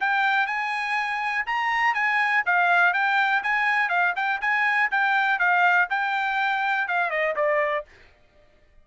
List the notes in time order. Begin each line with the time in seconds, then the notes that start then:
0.00 G5
0.46 G#5
1.46 A#5
1.94 G#5
2.45 F5
2.93 G5
3.43 G#5
3.89 F5
4.16 G5
4.41 G#5
4.90 G5
5.39 F5
5.89 G5
6.87 F5
7.10 D#5
7.36 D5